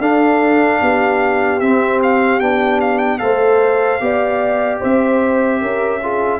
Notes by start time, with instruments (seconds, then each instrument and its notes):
0.00 tuba D4, trombone D4, horn A4, trumpet F5
0.82 tuba B3, horn G4
1.60 tuba C4, trombone C4, trumpet E5
2.03 trumpet F5
2.40 tuba B3, trombone D4, trumpet G5
2.81 trumpet F5
2.98 trumpet G5
3.19 tuba A3, trombone A4, horn C5, trumpet F5
4.00 tuba B3, trombone G4, horn D5
4.80 tuba C4, horn C5, trumpet E5
5.61 tuba C#4, horn A#4
6.03 trombone F4, horn G#4